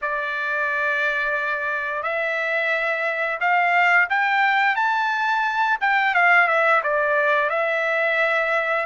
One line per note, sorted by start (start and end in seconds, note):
0.01 2.02 D5
2.02 3.39 E5
3.40 4.08 F5
4.09 4.75 G5
4.75 5.78 A5
5.80 6.14 G5
6.14 6.47 F5
6.47 6.81 E5
6.83 7.49 D5
7.49 8.85 E5